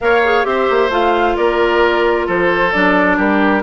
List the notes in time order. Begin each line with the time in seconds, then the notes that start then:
0.00 A#3 A#4 C#5 F5
0.24 G#4
0.43 C4 G4 C5 E5
0.70 A#3
0.89 A3 F4 F5
1.36 A#3 A#4 D5
2.26 F3 A4 C5
2.72 F#3 D4 D5
3.17 G3 G4 A#4